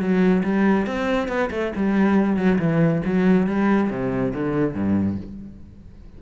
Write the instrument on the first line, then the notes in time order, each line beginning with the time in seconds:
cello
0.00 F#3
0.44 G3
0.87 C4
1.29 B3
1.51 A3
1.76 G3
2.37 F#3
2.59 E3
3.05 F#3
3.47 G3
3.90 C3
4.34 D3
4.75 G2